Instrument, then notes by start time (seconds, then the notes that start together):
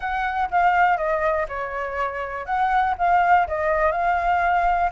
flute
0.00 F#5
0.51 F5
0.97 D#5
1.48 C#5
2.45 F#5
2.98 F5
3.47 D#5
3.91 F5